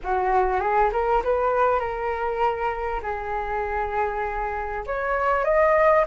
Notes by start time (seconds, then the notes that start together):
0.03 F#4
0.60 G#4
0.92 A#4
1.24 B4
1.79 A#4
3.02 G#4
4.86 C#5
5.44 D#5